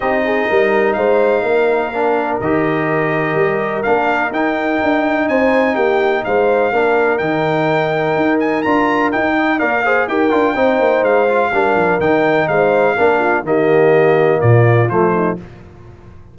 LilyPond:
<<
  \new Staff \with { instrumentName = "trumpet" } { \time 4/4 \tempo 4 = 125 dis''2 f''2~ | f''4 dis''2. | f''4 g''2 gis''4 | g''4 f''2 g''4~ |
g''4. gis''8 ais''4 g''4 | f''4 g''2 f''4~ | f''4 g''4 f''2 | dis''2 d''4 c''4 | }
  \new Staff \with { instrumentName = "horn" } { \time 4/4 g'8 gis'8 ais'4 c''4 ais'4~ | ais'1~ | ais'2. c''4 | g'4 c''4 ais'2~ |
ais'2.~ ais'8 dis''8 | d''8 c''8 ais'4 c''2 | ais'2 c''4 ais'8 f'8 | g'2 f'4. dis'8 | }
  \new Staff \with { instrumentName = "trombone" } { \time 4/4 dis'1 | d'4 g'2. | d'4 dis'2.~ | dis'2 d'4 dis'4~ |
dis'2 f'4 dis'4 | ais'8 gis'8 g'8 f'8 dis'4. f'8 | d'4 dis'2 d'4 | ais2. a4 | }
  \new Staff \with { instrumentName = "tuba" } { \time 4/4 c'4 g4 gis4 ais4~ | ais4 dis2 g4 | ais4 dis'4 d'4 c'4 | ais4 gis4 ais4 dis4~ |
dis4 dis'4 d'4 dis'4 | ais4 dis'8 d'8 c'8 ais8 gis4 | g8 f8 dis4 gis4 ais4 | dis2 ais,4 f4 | }
>>